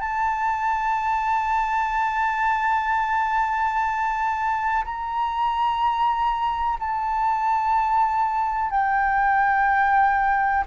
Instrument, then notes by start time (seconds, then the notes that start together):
flute
0.00 A5
4.85 A#5
6.79 A5
8.71 G5